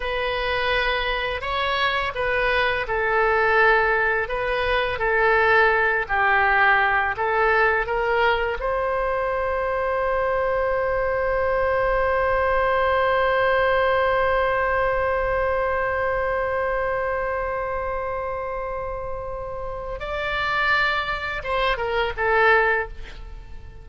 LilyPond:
\new Staff \with { instrumentName = "oboe" } { \time 4/4 \tempo 4 = 84 b'2 cis''4 b'4 | a'2 b'4 a'4~ | a'8 g'4. a'4 ais'4 | c''1~ |
c''1~ | c''1~ | c''1 | d''2 c''8 ais'8 a'4 | }